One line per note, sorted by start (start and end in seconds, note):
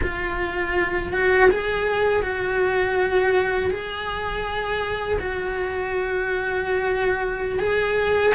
0.02 1.12 F4
1.12 1.49 F#4
1.50 2.22 G#4
2.22 3.70 F#4
3.70 5.18 G#4
5.19 7.59 F#4
7.59 8.33 G#4